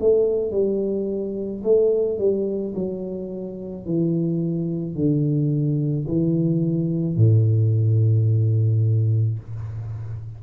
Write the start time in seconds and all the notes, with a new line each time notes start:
0.00 A3
0.51 G3
1.64 A3
2.18 G3
2.74 F#3
3.85 E3
4.95 D3
6.08 E3
7.17 A2